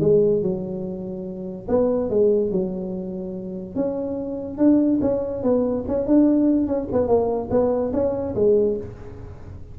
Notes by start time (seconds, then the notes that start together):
0.00 G#3
0.42 F#3
1.68 B3
2.10 G#3
2.51 F#3
3.75 C#4
4.57 D4
5.01 C#4
5.43 B3
5.87 C#4
6.06 D4
6.66 C#4
6.92 B3
7.07 A#3
7.50 B3
7.93 C#4
8.35 G#3